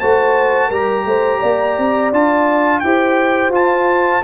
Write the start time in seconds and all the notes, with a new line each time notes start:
0.00 A3 F#4 C5 A5
0.68 G3 G4 A#4 A#5
1.05 A3 C5
1.39 A#3 D5
1.78 C4
2.12 D4 F4 A5
2.80 E4 G4 C5 G5
3.49 F4 A5